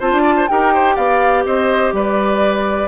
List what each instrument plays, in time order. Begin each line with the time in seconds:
0.00 bassoon C4, clarinet F4, oboe C5, flute A5
0.12 bassoon D4
0.22 oboe D5
0.37 oboe C5
0.48 bassoon D#4, clarinet G4, oboe A#4, flute G5
0.74 oboe C5
0.96 bassoon B3, oboe D5, flute F5
1.45 bassoon C4, oboe C5, flute D#5
1.93 bassoon G3, oboe B4, flute D5